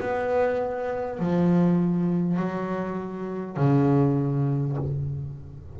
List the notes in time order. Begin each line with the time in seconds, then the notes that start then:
0.00 B3
1.19 F3
2.37 F#3
3.57 C#3